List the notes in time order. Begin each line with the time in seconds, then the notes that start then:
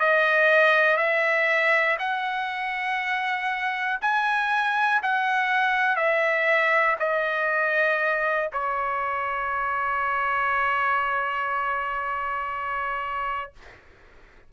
0.00 D#5
0.97 E5
2.00 F#5
4.01 G#5
5.03 F#5
5.96 E5
7.00 D#5
8.53 C#5